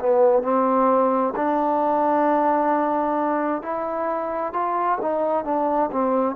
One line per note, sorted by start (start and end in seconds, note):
0.00 0.43 B3
0.43 1.34 C4
1.36 3.62 D4
3.62 4.53 E4
4.54 4.99 F4
5.02 5.45 D#4
5.45 5.90 D4
5.92 6.36 C4